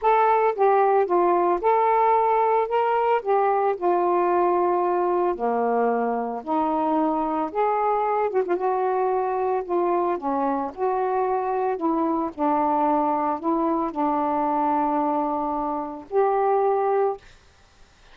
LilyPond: \new Staff \with { instrumentName = "saxophone" } { \time 4/4 \tempo 4 = 112 a'4 g'4 f'4 a'4~ | a'4 ais'4 g'4 f'4~ | f'2 ais2 | dis'2 gis'4. fis'16 f'16 |
fis'2 f'4 cis'4 | fis'2 e'4 d'4~ | d'4 e'4 d'2~ | d'2 g'2 | }